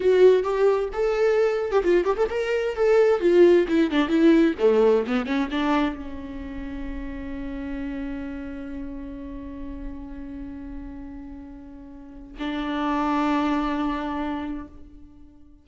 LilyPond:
\new Staff \with { instrumentName = "viola" } { \time 4/4 \tempo 4 = 131 fis'4 g'4 a'4.~ a'16 g'16 | f'8 g'16 a'16 ais'4 a'4 f'4 | e'8 d'8 e'4 a4 b8 cis'8 | d'4 cis'2.~ |
cis'1~ | cis'1~ | cis'2. d'4~ | d'1 | }